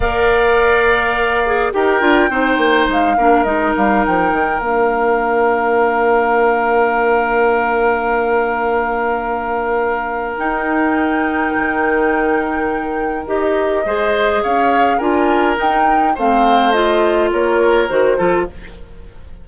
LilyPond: <<
  \new Staff \with { instrumentName = "flute" } { \time 4/4 \tempo 4 = 104 f''2. g''4~ | g''4 f''4 dis''8 f''8 g''4 | f''1~ | f''1~ |
f''2 g''2~ | g''2. dis''4~ | dis''4 f''4 gis''4 g''4 | f''4 dis''4 cis''4 c''4 | }
  \new Staff \with { instrumentName = "oboe" } { \time 4/4 d''2. ais'4 | c''4. ais'2~ ais'8~ | ais'1~ | ais'1~ |
ais'1~ | ais'1 | c''4 cis''4 ais'2 | c''2 ais'4. a'8 | }
  \new Staff \with { instrumentName = "clarinet" } { \time 4/4 ais'2~ ais'8 gis'8 g'8 f'8 | dis'4. d'8 dis'2 | d'1~ | d'1~ |
d'2 dis'2~ | dis'2. g'4 | gis'2 f'4 dis'4 | c'4 f'2 fis'8 f'8 | }
  \new Staff \with { instrumentName = "bassoon" } { \time 4/4 ais2. dis'8 d'8 | c'8 ais8 gis8 ais8 gis8 g8 f8 dis8 | ais1~ | ais1~ |
ais2 dis'2 | dis2. dis'4 | gis4 cis'4 d'4 dis'4 | a2 ais4 dis8 f8 | }
>>